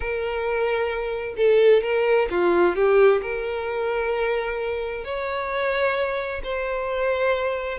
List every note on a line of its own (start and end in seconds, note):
0.00 1.34 A#4
1.37 1.82 A4
1.82 2.28 A#4
2.30 2.75 F4
2.75 3.21 G4
3.22 5.04 A#4
5.04 6.41 C#5
6.43 7.78 C5